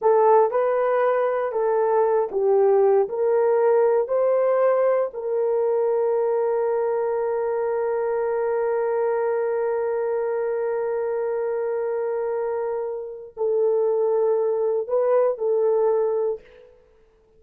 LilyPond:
\new Staff \with { instrumentName = "horn" } { \time 4/4 \tempo 4 = 117 a'4 b'2 a'4~ | a'8 g'4. ais'2 | c''2 ais'2~ | ais'1~ |
ais'1~ | ais'1~ | ais'2 a'2~ | a'4 b'4 a'2 | }